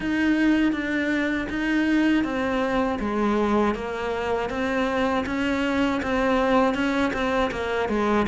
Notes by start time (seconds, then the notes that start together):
0.00 D#4
0.72 D4
1.49 D#4
2.24 C4
2.99 G#3
3.74 A#3
4.49 C4
5.26 C#4
6.02 C4
6.74 C#4
7.13 C4
7.51 A#3
7.89 G#3